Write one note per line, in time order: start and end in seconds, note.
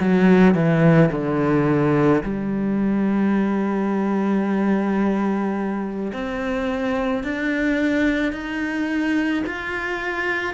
0.00 0.55 F#3
0.55 1.10 E3
1.12 2.23 D3
2.23 6.12 G3
6.13 7.24 C4
7.24 8.33 D4
8.33 9.44 D#4
9.46 10.54 F4